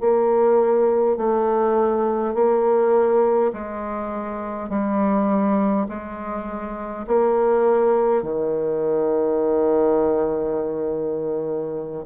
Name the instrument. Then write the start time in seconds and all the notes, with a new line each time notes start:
bassoon
0.00 A#3
1.17 A3
2.34 A#3
3.53 G#3
4.70 G3
5.88 G#3
7.07 A#3
8.22 D#3